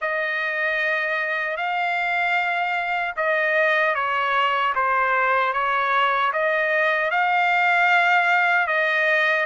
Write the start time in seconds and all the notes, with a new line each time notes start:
0.01 D#5
1.56 F5
3.16 D#5
3.94 C#5
4.75 C5
5.53 C#5
6.32 D#5
7.11 F5
8.67 D#5